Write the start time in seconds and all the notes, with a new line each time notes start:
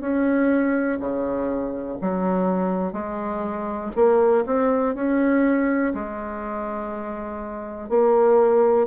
0.00 C#4
0.99 C#3
2.01 F#3
2.92 G#3
3.95 A#3
4.45 C4
4.94 C#4
5.94 G#3
7.89 A#3